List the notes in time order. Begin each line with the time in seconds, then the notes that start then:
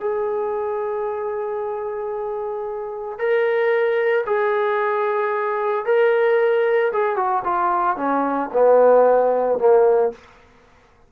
0.00 G#4
3.18 A#4
4.26 G#4
5.85 A#4
6.92 G#4
7.16 F#4
7.44 F4
7.96 C#4
8.53 B3
9.58 A#3